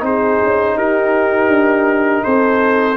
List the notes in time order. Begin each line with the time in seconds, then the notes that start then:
0.00 C4 D#4 G#4 C5
0.44 C#4
0.76 D#4 G4 A#4
1.49 D4
2.24 C4 A4 C5